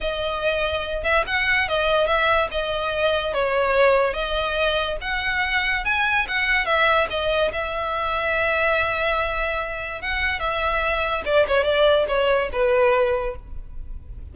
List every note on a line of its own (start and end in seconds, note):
0.01 1.03 D#5
1.03 1.24 E5
1.26 1.68 F#5
1.68 2.06 D#5
2.06 2.48 E5
2.51 3.33 D#5
3.33 4.13 C#5
4.13 4.96 D#5
5.01 5.84 F#5
5.84 6.26 G#5
6.27 6.65 F#5
6.65 7.07 E5
7.10 7.51 D#5
7.52 10.01 E5
10.01 10.39 F#5
10.39 11.23 E5
11.25 11.46 D5
11.47 11.64 C#5
11.64 12.05 D5
12.08 12.49 C#5
12.52 13.35 B4